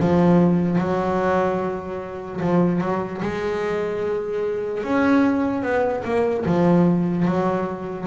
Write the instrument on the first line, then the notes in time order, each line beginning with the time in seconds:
double bass
0.00 F3
0.78 F#3
2.41 F3
2.80 F#3
3.22 G#3
4.83 C#4
5.62 B3
6.04 A#3
6.46 F3
7.25 F#3